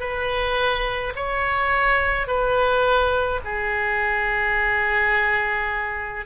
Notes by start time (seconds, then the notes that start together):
0.00 B4
1.15 C#5
2.27 B4
3.44 G#4